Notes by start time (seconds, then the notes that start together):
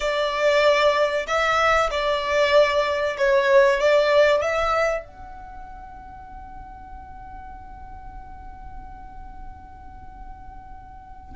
0.00 D5
1.26 E5
1.90 D5
3.18 C#5
3.80 D5
4.41 E5
5.04 F#5